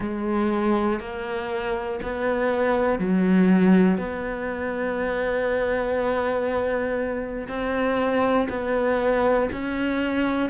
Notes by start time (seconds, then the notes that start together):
0.00 G#3
1.00 A#3
2.02 B3
2.98 F#3
3.97 B3
7.47 C4
8.49 B3
9.52 C#4